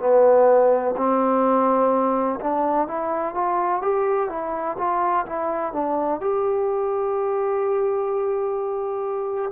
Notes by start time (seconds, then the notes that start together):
0.00 B3
0.97 C4
2.41 D4
2.88 E4
3.35 F4
3.82 G4
4.29 E4
4.78 F4
5.26 E4
5.73 D4
6.20 G4